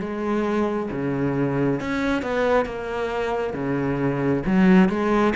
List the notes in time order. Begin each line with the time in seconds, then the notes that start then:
0.00 G#3
0.91 C#3
1.80 C#4
2.22 B3
2.65 A#3
3.53 C#3
4.46 F#3
4.89 G#3